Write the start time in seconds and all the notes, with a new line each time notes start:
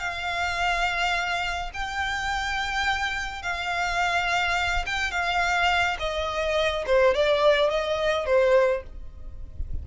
0.00 F5
1.74 G5
3.43 F5
4.87 G5
5.11 F5
6.00 D#5
6.87 C5
7.15 D5
7.71 D#5
8.26 C5